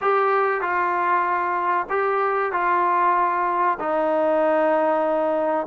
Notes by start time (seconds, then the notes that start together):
0.01 G4
0.61 F4
1.89 G4
2.52 F4
3.79 D#4